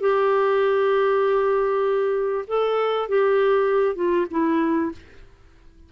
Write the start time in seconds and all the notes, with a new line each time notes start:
0.00 G4
2.47 A4
3.08 G4
3.95 F4
4.31 E4